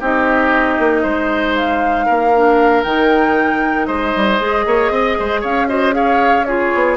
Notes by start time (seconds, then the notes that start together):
0.00 C4 D#4 G4 D#5
0.78 A#3
1.02 G#3 C5
1.55 F5
2.05 A#3 A#4
2.34 D4
2.83 D#3 D#4 G5
3.86 G#3 C5 D#5
4.15 G3
4.39 G#3 G#4
4.65 A#3 C#5
4.90 C4 D#5
5.19 G#3 C5
5.40 C#4 C#5 F5
5.68 F#4 C5 D#5
5.91 G#4 C#5 F5
6.44 F4 G#4 C#5
6.74 B3